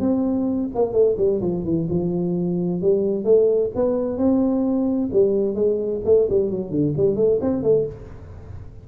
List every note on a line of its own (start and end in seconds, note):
0.00 0.69 C4
0.75 0.93 A#3
0.93 1.16 A3
1.18 1.41 G3
1.41 1.64 F3
1.65 1.88 E3
1.90 2.82 F3
2.82 3.25 G3
3.25 3.71 A3
3.76 4.18 B3
4.18 5.10 C4
5.13 5.55 G3
5.55 6.01 G#3
6.05 6.28 A3
6.30 6.51 G3
6.51 6.71 F#3
6.71 6.94 D3
6.97 7.16 G3
7.16 7.40 A3
7.41 7.63 C4
7.63 7.86 A3